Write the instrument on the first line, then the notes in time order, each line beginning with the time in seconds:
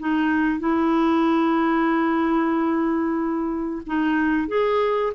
clarinet
0.00 D#4
0.60 E4
3.87 D#4
4.48 G#4